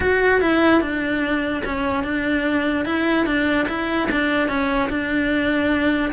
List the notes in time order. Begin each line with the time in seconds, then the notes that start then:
0.00 F#4
0.41 E4
0.81 D4
1.64 C#4
2.03 D4
2.85 E4
3.26 D4
3.68 E4
4.11 D4
4.48 C#4
4.89 D4